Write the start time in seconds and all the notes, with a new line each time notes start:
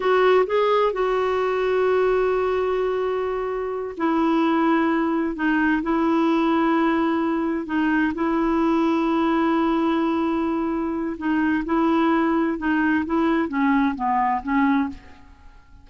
0.00 F#4
0.46 G#4
0.92 F#4
3.97 E4
5.35 D#4
5.82 E4
7.66 D#4
8.14 E4
11.17 D#4
11.65 E4
12.58 D#4
13.05 E4
13.48 C#4
13.95 B3
14.42 C#4